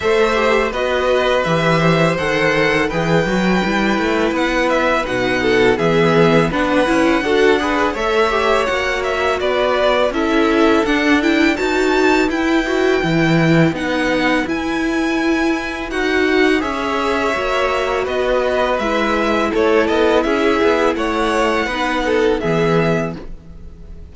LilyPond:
<<
  \new Staff \with { instrumentName = "violin" } { \time 4/4 \tempo 4 = 83 e''4 dis''4 e''4 fis''4 | g''2 fis''8 e''8 fis''4 | e''4 fis''2 e''4 | fis''8 e''8 d''4 e''4 fis''8 g''8 |
a''4 g''2 fis''4 | gis''2 fis''4 e''4~ | e''4 dis''4 e''4 cis''8 dis''8 | e''4 fis''2 e''4 | }
  \new Staff \with { instrumentName = "violin" } { \time 4/4 c''4 b'4. c''4. | b'2.~ b'8 a'8 | gis'4 b'4 a'8 b'8 cis''4~ | cis''4 b'4 a'2 |
b'1~ | b'2. cis''4~ | cis''4 b'2 a'4 | gis'4 cis''4 b'8 a'8 gis'4 | }
  \new Staff \with { instrumentName = "viola" } { \time 4/4 a'8 g'8 fis'4 g'4 a'4 | gis'8 fis'8 e'2 dis'4 | b4 d'8 e'8 fis'8 gis'8 a'8 g'8 | fis'2 e'4 d'8 e'8 |
fis'4 e'8 fis'8 e'4 dis'4 | e'2 fis'4 gis'4 | fis'2 e'2~ | e'2 dis'4 b4 | }
  \new Staff \with { instrumentName = "cello" } { \time 4/4 a4 b4 e4 dis4 | e8 fis8 g8 a8 b4 b,4 | e4 b8 cis'8 d'4 a4 | ais4 b4 cis'4 d'4 |
dis'4 e'4 e4 b4 | e'2 dis'4 cis'4 | ais4 b4 gis4 a8 b8 | cis'8 b8 a4 b4 e4 | }
>>